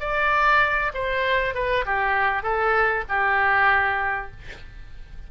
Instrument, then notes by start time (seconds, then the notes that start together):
oboe
0.00 D5
0.94 C5
1.54 B4
1.86 G4
2.43 A4
3.09 G4